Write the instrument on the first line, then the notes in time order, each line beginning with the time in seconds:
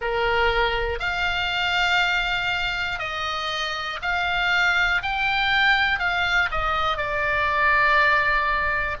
oboe
0.01 A#4
0.99 F5
2.99 D#5
4.01 F5
5.02 G5
5.99 F5
6.51 D#5
6.97 D5